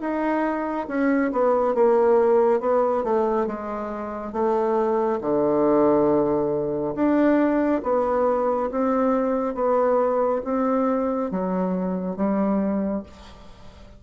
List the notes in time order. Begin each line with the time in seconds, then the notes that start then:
0.00 D#4
0.88 C#4
1.32 B3
1.75 A#3
2.60 B3
3.04 A3
3.47 G#3
4.32 A3
5.21 D3
6.95 D4
7.83 B3
8.71 C4
9.55 B3
10.44 C4
11.31 F#3
12.16 G3